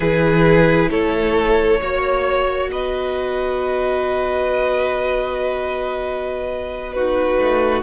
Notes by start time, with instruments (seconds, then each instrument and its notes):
0.00 cello E3, viola E4, violin G#4 B4
0.90 cello A3, violin A4 C#5
1.80 cello A#3, viola F#4, violin C#5
2.69 cello B3, violin B4 D#5
6.92 viola D#4, violin F#4 B4
7.38 cello A3